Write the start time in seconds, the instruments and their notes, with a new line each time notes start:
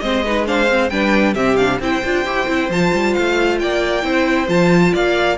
0.00 cello G#3, viola C4, violin C5 D#5
0.24 viola D#4, violin B4
0.46 viola D4, violin C5 F5
0.69 viola C4
0.89 cello G3, viola D4, violin B4 G5
1.34 cello C3, viola C4, violin G4 E5
1.56 viola D4, violin F5
1.80 cello C4, viola E4, violin C5 G5
2.04 cello D4, viola F4
2.25 cello E4, viola G4
2.47 cello C4, viola E4
2.69 cello F3, viola F4, violin A5
2.93 cello G3
3.14 cello A3, violin F5
3.59 cello A#3, violin D5 G5
4.02 cello C4, viola E4, violin C5
4.47 cello F3, viola F4, violin A5
4.93 cello A#3, violin D5 F5